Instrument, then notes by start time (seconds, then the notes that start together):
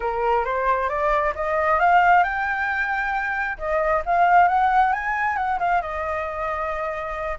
flute
0.00 A#4
0.44 C5
0.89 D5
1.35 D#5
1.79 F5
2.23 G5
3.58 D#5
4.05 F5
4.48 F#5
4.93 G#5
5.36 F#5
5.59 F5
5.81 D#5